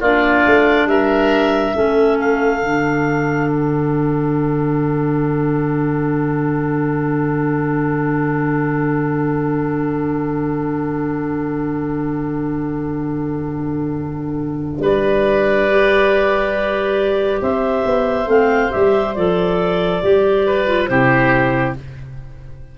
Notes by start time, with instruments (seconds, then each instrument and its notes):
0.00 tuba A#3, clarinet D4 D5, oboe F4
0.46 tuba A3
0.86 tuba G3, oboe A#4, clarinet E5
1.74 tuba A3, clarinet C#4, oboe A4
2.19 clarinet F5
2.60 tuba D3, clarinet D4
3.49 clarinet F#5
14.80 tuba G3, oboe B4, clarinet D5
15.70 clarinet G4
17.41 tuba C4, oboe C5, clarinet E5
17.86 tuba B3
18.26 tuba A3, clarinet C4 F5
18.70 tuba G3, clarinet G4 E5
19.15 tuba F3, clarinet A4 D5
20.03 tuba G3, clarinet G4
20.46 oboe B4
20.67 clarinet F4
20.86 tuba C3, clarinet E4 C5, oboe G4